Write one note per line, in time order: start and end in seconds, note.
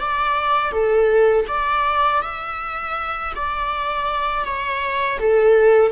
0.00 0.72 D5
0.72 1.46 A4
1.48 2.22 D5
2.22 3.33 E5
3.36 4.44 D5
4.44 5.19 C#5
5.19 5.92 A4